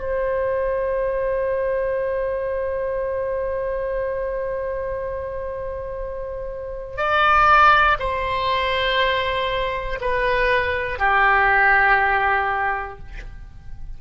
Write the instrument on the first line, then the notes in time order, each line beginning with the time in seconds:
oboe
0.00 C5
6.98 D5
8.00 C5
10.01 B4
11.00 G4